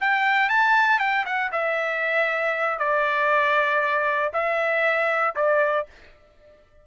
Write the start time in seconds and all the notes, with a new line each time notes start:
0.00 G5
0.49 A5
0.99 G5
1.25 F#5
1.52 E5
2.79 D5
4.33 E5
5.35 D5